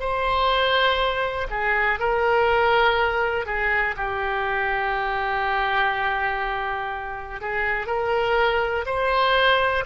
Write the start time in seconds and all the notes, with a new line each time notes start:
0.00 C5
1.50 G#4
1.99 A#4
3.46 G#4
3.97 G4
7.41 G#4
7.87 A#4
8.86 C5